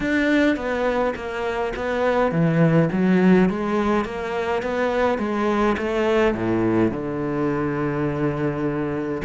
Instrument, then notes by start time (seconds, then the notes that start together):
cello
0.00 D4
0.56 B3
1.15 A#3
1.75 B3
2.31 E3
2.91 F#3
3.49 G#3
4.04 A#3
4.62 B3
5.18 G#3
5.77 A3
6.34 A2
6.91 D3